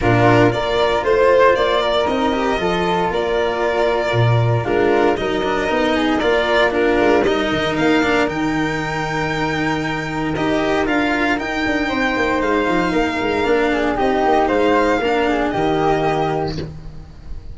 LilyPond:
<<
  \new Staff \with { instrumentName = "violin" } { \time 4/4 \tempo 4 = 116 ais'4 d''4 c''4 d''4 | dis''2 d''2~ | d''4 ais'4 dis''2 | d''4 ais'4 dis''4 f''4 |
g''1 | dis''4 f''4 g''2 | f''2. dis''4 | f''2 dis''2 | }
  \new Staff \with { instrumentName = "flute" } { \time 4/4 f'4 ais'4 c''4. ais'8~ | ais'4 a'4 ais'2~ | ais'4 f'4 ais'4. gis'8 | ais'4 f'4 ais'2~ |
ais'1~ | ais'2. c''4~ | c''4 ais'4. gis'8 g'4 | c''4 ais'8 gis'8 g'2 | }
  \new Staff \with { instrumentName = "cello" } { \time 4/4 d'4 f'2. | dis'8 g'8 f'2.~ | f'4 d'4 dis'8 d'8 dis'4 | f'4 d'4 dis'4. d'8 |
dis'1 | g'4 f'4 dis'2~ | dis'2 d'4 dis'4~ | dis'4 d'4 ais2 | }
  \new Staff \with { instrumentName = "tuba" } { \time 4/4 ais,4 ais4 a4 ais4 | c'4 f4 ais2 | ais,4 gis4 fis4 b4 | ais4. gis8 g8 dis8 ais4 |
dis1 | dis'4 d'4 dis'8 d'8 c'8 ais8 | gis8 f8 ais8 gis8 ais4 c'8 ais8 | gis4 ais4 dis2 | }
>>